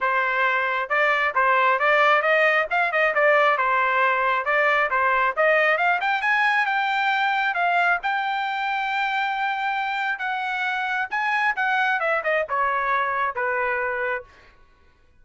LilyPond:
\new Staff \with { instrumentName = "trumpet" } { \time 4/4 \tempo 4 = 135 c''2 d''4 c''4 | d''4 dis''4 f''8 dis''8 d''4 | c''2 d''4 c''4 | dis''4 f''8 g''8 gis''4 g''4~ |
g''4 f''4 g''2~ | g''2. fis''4~ | fis''4 gis''4 fis''4 e''8 dis''8 | cis''2 b'2 | }